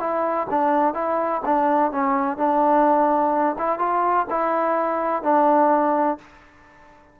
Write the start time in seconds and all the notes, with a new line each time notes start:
0.00 E4
0.51 D4
0.95 E4
1.45 D4
1.92 C#4
2.37 D4
3.59 E4
3.79 F4
4.30 E4
5.23 D4